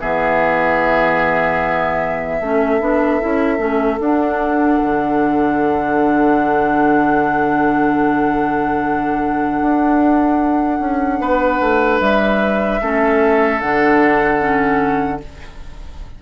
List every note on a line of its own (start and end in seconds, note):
0.00 2.40 E3
0.00 2.41 B3
0.00 2.40 G#4
0.00 4.00 E5
2.40 2.80 A3
2.40 2.80 C#4
2.40 11.20 A4
2.80 3.20 B3
2.80 3.20 D4
3.20 3.58 C#4
3.20 3.57 E4
3.57 3.98 A3
3.57 3.97 C#4
3.99 4.79 D4
3.99 12.80 D4
3.99 12.00 F#5
4.82 9.61 D3
9.61 10.79 D4
10.79 11.19 C#4
11.19 11.59 B3
11.19 12.81 B4
11.60 12.00 A3
12.00 12.80 G3
12.00 13.60 E5
12.81 13.61 A3
12.81 13.61 C#4
12.81 15.22 A4
13.60 15.21 D3
13.60 14.39 D4
13.60 15.20 F#5
14.39 15.19 C#4